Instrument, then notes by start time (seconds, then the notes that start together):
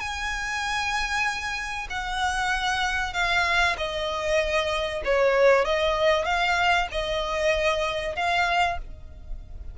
violin
0.00 G#5
1.90 F#5
3.14 F5
3.78 D#5
5.05 C#5
5.65 D#5
6.25 F5
6.92 D#5
8.16 F5